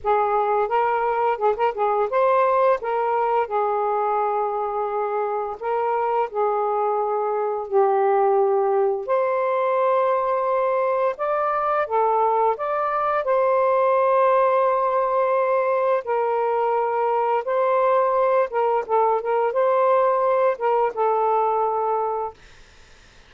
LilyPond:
\new Staff \with { instrumentName = "saxophone" } { \time 4/4 \tempo 4 = 86 gis'4 ais'4 gis'16 ais'16 gis'8 c''4 | ais'4 gis'2. | ais'4 gis'2 g'4~ | g'4 c''2. |
d''4 a'4 d''4 c''4~ | c''2. ais'4~ | ais'4 c''4. ais'8 a'8 ais'8 | c''4. ais'8 a'2 | }